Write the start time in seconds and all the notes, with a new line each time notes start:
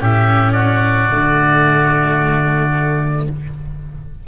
0.00 A2 C#4 G4 E5
0.52 F#4 D5
1.09 D3 A3